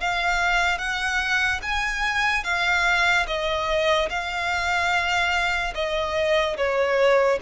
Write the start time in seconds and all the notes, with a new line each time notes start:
0.00 F5
0.78 F#5
1.62 G#5
2.44 F5
3.27 D#5
4.09 F5
5.74 D#5
6.57 C#5